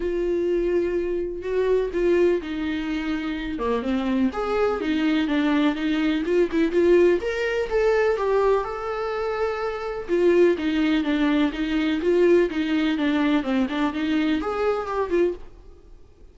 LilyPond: \new Staff \with { instrumentName = "viola" } { \time 4/4 \tempo 4 = 125 f'2. fis'4 | f'4 dis'2~ dis'8 ais8 | c'4 gis'4 dis'4 d'4 | dis'4 f'8 e'8 f'4 ais'4 |
a'4 g'4 a'2~ | a'4 f'4 dis'4 d'4 | dis'4 f'4 dis'4 d'4 | c'8 d'8 dis'4 gis'4 g'8 f'8 | }